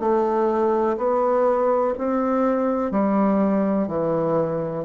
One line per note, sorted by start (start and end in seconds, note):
0.00 0.97 A3
0.97 1.94 B3
1.98 2.91 C4
2.91 3.88 G3
3.88 4.84 E3